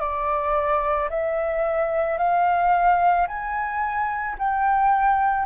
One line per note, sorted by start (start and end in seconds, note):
0.00 1.09 D5
1.10 2.18 E5
2.18 3.27 F5
3.27 4.36 G#5
4.38 5.45 G5